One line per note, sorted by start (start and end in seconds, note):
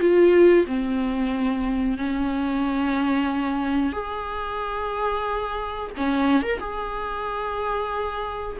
0.00 0.66 F4
0.67 1.98 C4
1.98 3.93 C#4
3.93 5.91 G#4
5.97 6.43 C#4
6.43 6.60 A#4
6.60 8.58 G#4